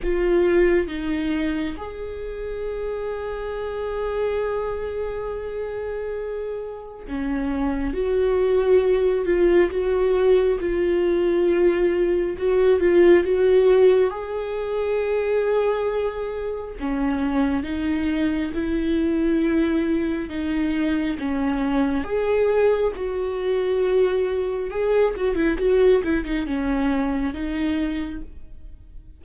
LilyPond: \new Staff \with { instrumentName = "viola" } { \time 4/4 \tempo 4 = 68 f'4 dis'4 gis'2~ | gis'1 | cis'4 fis'4. f'8 fis'4 | f'2 fis'8 f'8 fis'4 |
gis'2. cis'4 | dis'4 e'2 dis'4 | cis'4 gis'4 fis'2 | gis'8 fis'16 e'16 fis'8 e'16 dis'16 cis'4 dis'4 | }